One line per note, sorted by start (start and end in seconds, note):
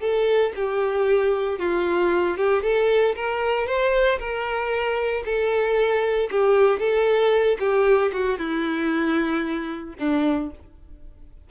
0.00 0.52 A4
0.55 1.59 G4
1.59 2.37 F4
2.37 2.63 G4
2.63 3.15 A4
3.15 3.67 A#4
3.67 4.19 C5
4.19 5.24 A#4
5.25 6.29 A4
6.31 6.79 G4
6.79 7.57 A4
7.59 8.12 G4
8.12 8.38 F#4
8.38 9.95 E4
9.98 10.50 D4